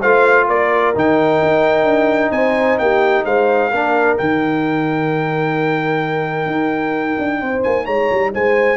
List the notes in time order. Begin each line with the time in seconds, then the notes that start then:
0.00 A3 F4 C5 F5
0.48 A#3 A#4 D5
0.95 D#3 D#4 G5
1.42 D#4
1.84 D4
2.31 C4 C5 G#5
2.79 A#3 G4 G5
3.25 G#3 C5 F5
3.70 A#3 D4 A#4
4.18 D#3 D#4 G5
6.46 D#4
7.18 D4
7.41 C4 C5
7.63 A#3 G#5
7.85 G#3 C#5 A#5
8.11 G3
8.33 G#3 C5 G#5